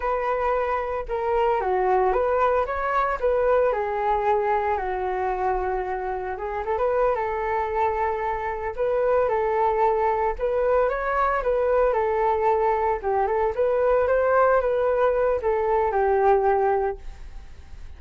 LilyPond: \new Staff \with { instrumentName = "flute" } { \time 4/4 \tempo 4 = 113 b'2 ais'4 fis'4 | b'4 cis''4 b'4 gis'4~ | gis'4 fis'2. | gis'8 a'16 b'8. a'2~ a'8~ |
a'8 b'4 a'2 b'8~ | b'8 cis''4 b'4 a'4.~ | a'8 g'8 a'8 b'4 c''4 b'8~ | b'4 a'4 g'2 | }